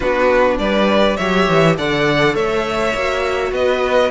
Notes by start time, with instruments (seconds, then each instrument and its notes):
0.00 cello B3, viola D4, violin F#4 B4
0.58 cello G3, violin B4 D5
1.17 cello F#3, viola G4, violin C#5 E5
1.48 cello E3
1.76 cello D3, viola A4, violin D5 F#5
2.34 cello A3, violin C#5 E5
2.94 cello A#3, viola F#4
3.51 cello B3, violin B4 D#5